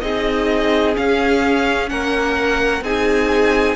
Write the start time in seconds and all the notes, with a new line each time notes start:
0.00 C4 D#4 G#4 D#5
0.94 C#4 F5
1.89 A#3 A#4 F#5
2.81 C4 D#4 G#4 G#5